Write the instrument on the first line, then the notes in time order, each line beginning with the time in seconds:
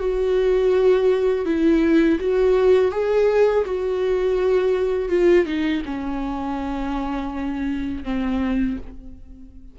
viola
0.00 F#4
1.46 E4
2.21 F#4
2.92 G#4
3.66 F#4
5.10 F4
5.46 D#4
5.86 C#4
8.05 C4